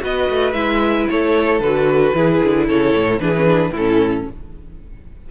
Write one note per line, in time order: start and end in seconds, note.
0.00 0.29 B3
0.00 0.53 F#4
0.00 1.10 B4
0.00 0.53 D#5
0.29 0.54 A3
0.53 1.07 G#3
0.53 1.60 E4
0.53 1.06 E5
1.10 1.59 A3
1.10 2.16 A4
1.10 1.61 C#5
1.59 2.12 D3
1.59 2.15 F#4
1.59 2.67 B4
2.14 2.41 E3
2.14 3.20 E4
2.14 2.67 G#4
2.43 2.70 D3
2.67 2.93 C#3
2.67 3.20 A4
2.67 3.19 C#5
2.93 3.19 A2
3.19 3.70 E3
3.19 3.34 D4
3.19 3.71 G#4
3.19 3.73 B4
3.36 3.46 C#4
3.46 3.73 D4
3.70 4.23 A2
3.70 4.24 E4
3.70 4.29 A4
3.78 4.31 C#4